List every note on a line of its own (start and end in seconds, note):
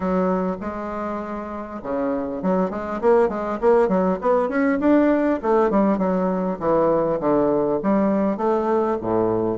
0.00 0.56 F#3
0.60 1.80 G#3
1.82 2.42 C#3
2.42 2.70 F#3
2.70 3.00 G#3
3.01 3.28 A#3
3.28 3.58 G#3
3.60 3.88 A#3
3.88 4.18 F#3
4.21 4.48 B3
4.48 4.78 C#4
4.80 5.40 D4
5.42 5.70 A3
5.70 5.98 G3
5.98 6.58 F#3
6.59 7.19 E3
7.20 7.80 D3
7.82 8.37 G3
8.37 8.97 A3
9.01 9.58 A2